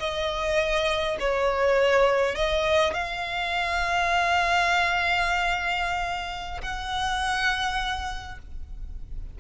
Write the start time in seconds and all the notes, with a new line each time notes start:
0.00 D#5
1.20 C#5
2.35 D#5
2.94 F5
6.62 F#5